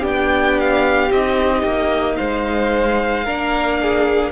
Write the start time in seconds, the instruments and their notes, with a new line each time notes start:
0.00 cello B3, viola D4, violin G4
0.06 violin G5
0.59 violin F5
1.11 cello C4, viola D#4, violin D#5
1.62 cello A#3
2.16 cello G#3, violin C5 F5
3.24 cello A#3, viola D4, violin A#4
3.81 violin G#4